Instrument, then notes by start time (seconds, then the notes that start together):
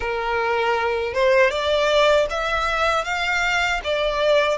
violin
0.00 A#4
1.13 C5
1.50 D5
2.30 E5
3.04 F5
3.84 D5